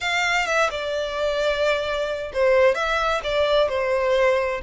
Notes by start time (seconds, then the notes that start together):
0.00 F5
0.46 E5
0.70 D5
2.33 C5
2.74 E5
3.23 D5
3.69 C5